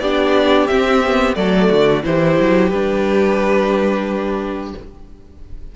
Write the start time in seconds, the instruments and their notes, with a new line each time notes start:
0.00 cello B3, viola D4, violin G4 D5
0.68 viola C4, cello C4, violin E5
1.04 viola B3
1.35 cello F#3, viola A3, violin A4 D5
1.69 cello D3, violin F#4
2.04 cello E3, viola E4, violin G4 C5
2.40 cello F#3
2.69 cello G3, viola D4, violin B4